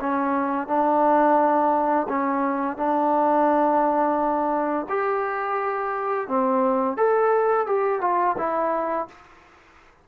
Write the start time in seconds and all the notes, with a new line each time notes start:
0.00 C#4
0.67 D4
2.08 C#4
2.77 D4
4.89 G4
6.27 C4
6.97 A4
7.66 G4
8.01 F4
8.38 E4